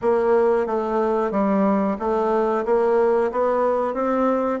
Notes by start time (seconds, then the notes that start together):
0.01 A#3
0.66 A3
1.31 G3
1.99 A3
2.65 A#3
3.31 B3
3.94 C4